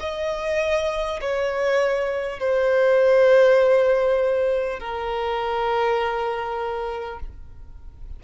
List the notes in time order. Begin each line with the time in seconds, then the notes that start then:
0.00 D#5
1.20 C#5
2.39 C5
4.79 A#4